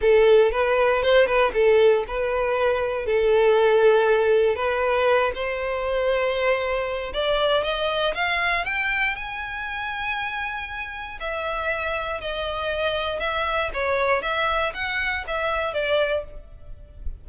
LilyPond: \new Staff \with { instrumentName = "violin" } { \time 4/4 \tempo 4 = 118 a'4 b'4 c''8 b'8 a'4 | b'2 a'2~ | a'4 b'4. c''4.~ | c''2 d''4 dis''4 |
f''4 g''4 gis''2~ | gis''2 e''2 | dis''2 e''4 cis''4 | e''4 fis''4 e''4 d''4 | }